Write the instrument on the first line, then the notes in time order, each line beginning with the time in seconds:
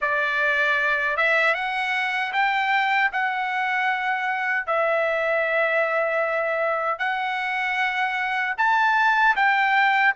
trumpet
0.01 D5
1.17 E5
1.54 F#5
2.32 G5
3.12 F#5
4.66 E5
6.98 F#5
8.57 A5
9.35 G5